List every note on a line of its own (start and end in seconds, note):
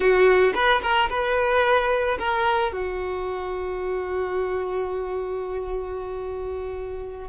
0.00 0.53 F#4
0.54 0.81 B4
0.82 1.09 A#4
1.09 2.17 B4
2.18 2.72 A#4
2.72 7.29 F#4